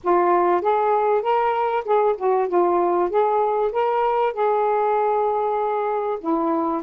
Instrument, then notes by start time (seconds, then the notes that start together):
saxophone
0.03 F4
0.61 G#4
1.21 A#4
1.84 G#4
2.17 F#4
2.48 F4
3.09 G#4
3.71 A#4
4.33 G#4
6.20 E4